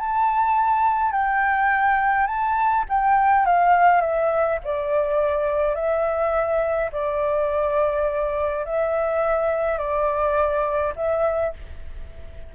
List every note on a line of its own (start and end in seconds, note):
0.00 1.12 A5
1.12 2.27 G5
2.27 2.85 A5
2.90 3.46 G5
3.46 4.01 F5
4.01 4.59 E5
4.64 5.75 D5
5.75 6.91 E5
6.92 8.65 D5
8.66 9.78 E5
9.78 10.94 D5
10.96 11.54 E5